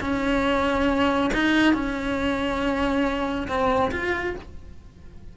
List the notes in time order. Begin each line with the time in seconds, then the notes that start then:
0.00 C#4
1.33 D#4
1.73 C#4
3.47 C4
3.91 F4